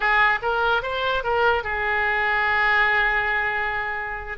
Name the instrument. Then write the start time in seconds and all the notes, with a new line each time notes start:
oboe
0.00 G#4
0.41 A#4
0.82 C5
1.23 A#4
1.63 G#4